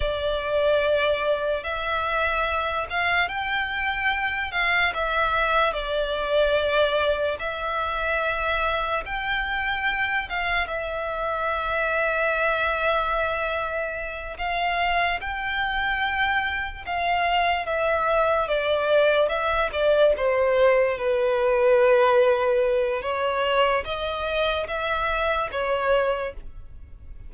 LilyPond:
\new Staff \with { instrumentName = "violin" } { \time 4/4 \tempo 4 = 73 d''2 e''4. f''8 | g''4. f''8 e''4 d''4~ | d''4 e''2 g''4~ | g''8 f''8 e''2.~ |
e''4. f''4 g''4.~ | g''8 f''4 e''4 d''4 e''8 | d''8 c''4 b'2~ b'8 | cis''4 dis''4 e''4 cis''4 | }